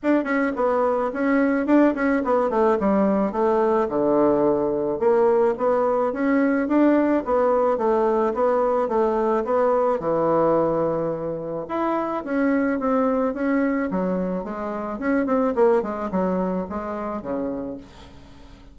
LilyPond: \new Staff \with { instrumentName = "bassoon" } { \time 4/4 \tempo 4 = 108 d'8 cis'8 b4 cis'4 d'8 cis'8 | b8 a8 g4 a4 d4~ | d4 ais4 b4 cis'4 | d'4 b4 a4 b4 |
a4 b4 e2~ | e4 e'4 cis'4 c'4 | cis'4 fis4 gis4 cis'8 c'8 | ais8 gis8 fis4 gis4 cis4 | }